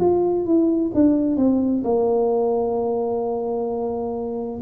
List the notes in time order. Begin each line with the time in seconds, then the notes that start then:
0.00 F4
0.46 E4
0.94 D4
1.37 C4
1.84 A#3